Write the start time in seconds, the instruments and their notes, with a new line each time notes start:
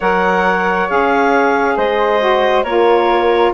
0.00 bassoon F#3, saxophone A#4, flute C#5, clarinet F#5
0.88 bassoon C#4, saxophone G#4, clarinet F5
1.76 bassoon G#3, flute C5, clarinet D#5
2.19 saxophone F#4
2.63 bassoon A#3, saxophone F4, flute A#4, clarinet C#5